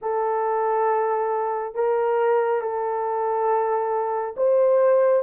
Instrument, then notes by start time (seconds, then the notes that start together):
horn
0.01 A4
1.74 A#4
2.61 A4
4.36 C5